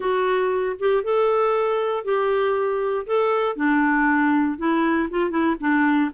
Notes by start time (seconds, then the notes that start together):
0.00 F#4
0.79 G4
1.03 A4
2.04 G4
3.06 A4
3.56 D4
4.58 E4
5.10 F4
5.30 E4
5.60 D4